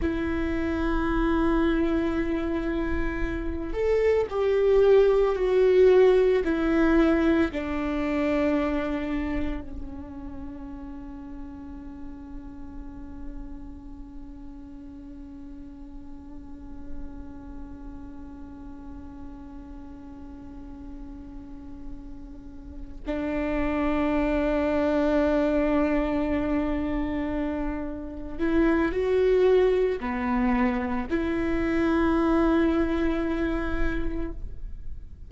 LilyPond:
\new Staff \with { instrumentName = "viola" } { \time 4/4 \tempo 4 = 56 e'2.~ e'8 a'8 | g'4 fis'4 e'4 d'4~ | d'4 cis'2.~ | cis'1~ |
cis'1~ | cis'4. d'2~ d'8~ | d'2~ d'8 e'8 fis'4 | b4 e'2. | }